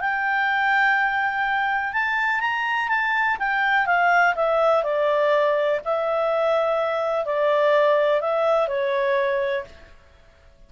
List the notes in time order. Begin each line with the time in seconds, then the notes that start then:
0.00 G5
1.93 A5
2.40 A#5
2.88 A5
3.38 G5
3.86 F5
4.35 E5
4.83 D5
5.84 E5
7.25 D5
8.21 E5
8.67 C#5